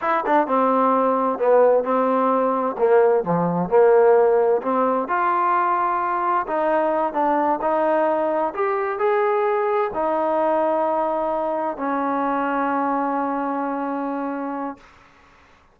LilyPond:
\new Staff \with { instrumentName = "trombone" } { \time 4/4 \tempo 4 = 130 e'8 d'8 c'2 b4 | c'2 ais4 f4 | ais2 c'4 f'4~ | f'2 dis'4. d'8~ |
d'8 dis'2 g'4 gis'8~ | gis'4. dis'2~ dis'8~ | dis'4. cis'2~ cis'8~ | cis'1 | }